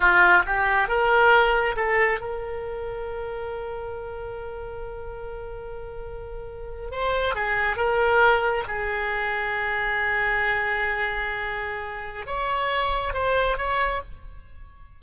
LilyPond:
\new Staff \with { instrumentName = "oboe" } { \time 4/4 \tempo 4 = 137 f'4 g'4 ais'2 | a'4 ais'2.~ | ais'1~ | ais'2.~ ais'8. c''16~ |
c''8. gis'4 ais'2 gis'16~ | gis'1~ | gis'1 | cis''2 c''4 cis''4 | }